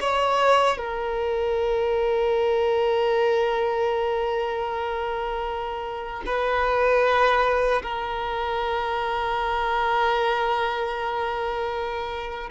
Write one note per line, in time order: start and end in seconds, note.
0.00 0.77 C#5
0.77 6.23 A#4
6.26 7.82 B4
7.82 12.50 A#4